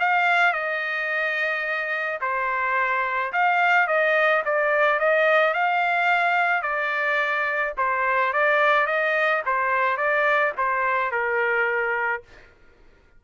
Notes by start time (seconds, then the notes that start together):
0.00 F5
0.53 D#5
2.21 C5
3.33 F5
3.88 D#5
4.45 D5
4.99 D#5
5.54 F5
6.62 D5
7.78 C5
8.33 D5
8.87 D#5
9.46 C5
9.97 D5
10.58 C5
11.12 A#4